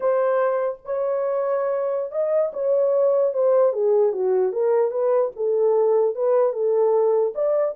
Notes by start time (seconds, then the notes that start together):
0.00 C5
0.85 C#5
2.11 D#5
2.53 C#5
3.33 C5
3.72 G#4
4.12 F#4
4.52 A#4
4.91 B4
5.35 A4
6.15 B4
6.52 A4
7.34 D5